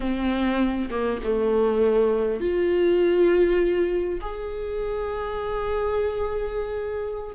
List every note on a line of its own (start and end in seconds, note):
0.00 0.89 C4
0.90 1.20 A#3
1.23 2.40 A3
2.40 4.20 F4
4.20 7.35 G#4